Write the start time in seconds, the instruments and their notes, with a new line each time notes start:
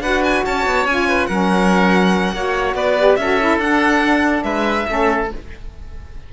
0.00 cello D4, saxophone F#4, oboe B4, violin F#5
0.24 violin G#5
0.46 cello C#4, oboe C#5, violin A5
0.66 cello B3
0.86 cello C#4, saxophone F4, violin G#5
1.08 oboe B4
1.26 cello F#3, saxophone C#4, oboe A#4, violin F#5
2.32 cello A#3, saxophone F#4, oboe C#5
2.74 cello B3, oboe B4, violin D5
2.98 saxophone G4
3.16 cello C#4, saxophone F#4, oboe A4, violin E5
3.40 saxophone E4
3.58 cello D4, saxophone D4, violin F#5
4.43 cello G#3, oboe B4, violin E5
4.87 cello A3, saxophone C#4, oboe A4